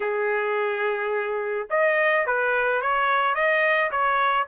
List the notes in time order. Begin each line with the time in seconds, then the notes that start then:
0.00 G#4
1.70 D#5
2.26 B4
2.81 C#5
3.34 D#5
3.91 C#5